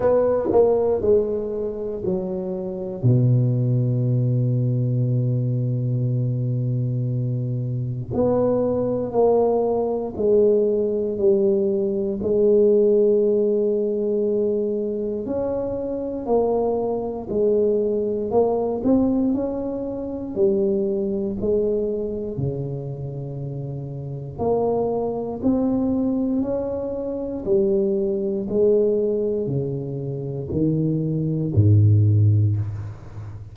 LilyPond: \new Staff \with { instrumentName = "tuba" } { \time 4/4 \tempo 4 = 59 b8 ais8 gis4 fis4 b,4~ | b,1 | b4 ais4 gis4 g4 | gis2. cis'4 |
ais4 gis4 ais8 c'8 cis'4 | g4 gis4 cis2 | ais4 c'4 cis'4 g4 | gis4 cis4 dis4 gis,4 | }